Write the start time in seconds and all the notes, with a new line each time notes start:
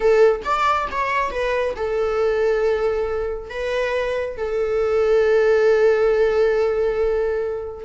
0.00 A4
0.44 D5
0.91 C#5
1.30 B4
1.76 A4
3.49 B4
4.37 A4